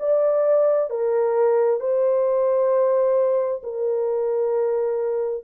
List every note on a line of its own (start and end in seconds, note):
0.00 0.90 D5
0.90 1.80 A#4
1.80 3.62 C5
3.64 5.45 A#4